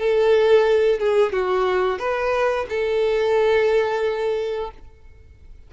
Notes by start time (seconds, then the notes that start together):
0.00 A4
1.00 G#4
1.33 F#4
1.99 B4
2.69 A4